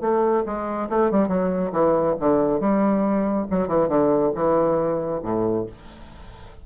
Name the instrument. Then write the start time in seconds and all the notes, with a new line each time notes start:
bassoon
0.00 A3
0.46 G#3
0.89 A3
1.11 G3
1.28 F#3
1.72 E3
2.20 D3
2.60 G3
3.50 F#3
3.67 E3
3.88 D3
4.35 E3
5.23 A2